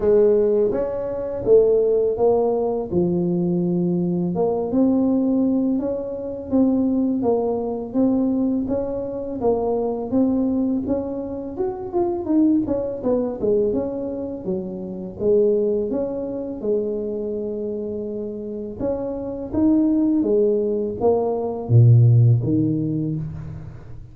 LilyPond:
\new Staff \with { instrumentName = "tuba" } { \time 4/4 \tempo 4 = 83 gis4 cis'4 a4 ais4 | f2 ais8 c'4. | cis'4 c'4 ais4 c'4 | cis'4 ais4 c'4 cis'4 |
fis'8 f'8 dis'8 cis'8 b8 gis8 cis'4 | fis4 gis4 cis'4 gis4~ | gis2 cis'4 dis'4 | gis4 ais4 ais,4 dis4 | }